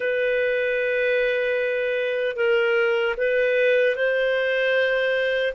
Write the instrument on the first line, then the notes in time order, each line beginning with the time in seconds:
clarinet
0.00 B4
2.36 A#4
3.17 B4
3.95 C5